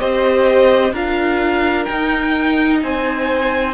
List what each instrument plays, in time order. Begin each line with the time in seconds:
0.00 cello C4, viola G4, violin C5 D#5
0.93 cello D4, viola F4, violin A#4 F5
1.86 viola D#4, cello D#4, violin G5
2.83 cello C4, violin C5 G#5